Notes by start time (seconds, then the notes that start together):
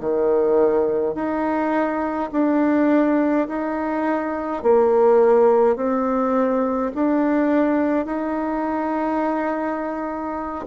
0.00 D#3
1.14 D#4
2.32 D4
3.48 D#4
4.63 A#3
5.76 C4
6.94 D4
8.06 D#4